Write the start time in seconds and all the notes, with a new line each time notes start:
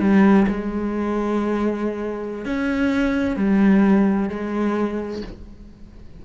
0.00 G3
0.48 G#3
2.45 C#4
3.37 G3
4.29 G#3